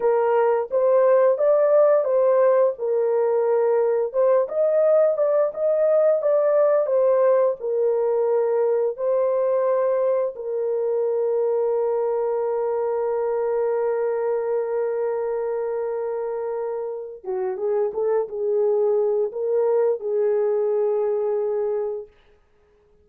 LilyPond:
\new Staff \with { instrumentName = "horn" } { \time 4/4 \tempo 4 = 87 ais'4 c''4 d''4 c''4 | ais'2 c''8 dis''4 d''8 | dis''4 d''4 c''4 ais'4~ | ais'4 c''2 ais'4~ |
ais'1~ | ais'1~ | ais'4 fis'8 gis'8 a'8 gis'4. | ais'4 gis'2. | }